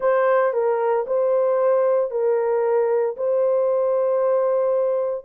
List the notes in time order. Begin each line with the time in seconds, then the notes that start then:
0.00 C5
0.53 A#4
1.06 C5
2.11 A#4
3.16 C5